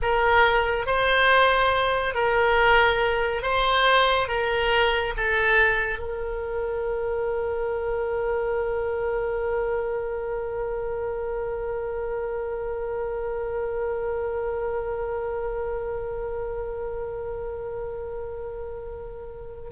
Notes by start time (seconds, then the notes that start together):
0.02 A#4
0.86 C5
2.14 A#4
3.42 C5
4.27 A#4
5.16 A4
5.98 A#4